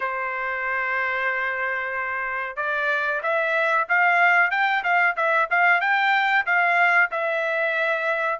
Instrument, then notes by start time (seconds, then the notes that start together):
trumpet
0.00 C5
2.56 D5
3.23 E5
3.89 F5
4.50 G5
4.83 F5
5.16 E5
5.50 F5
5.80 G5
6.45 F5
7.11 E5